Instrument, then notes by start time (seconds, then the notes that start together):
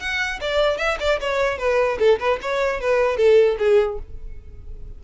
violin
0.00 F#5
0.41 D5
0.78 E5
1.00 D5
1.20 C#5
1.58 B4
1.99 A4
2.19 B4
2.42 C#5
2.81 B4
3.17 A4
3.59 G#4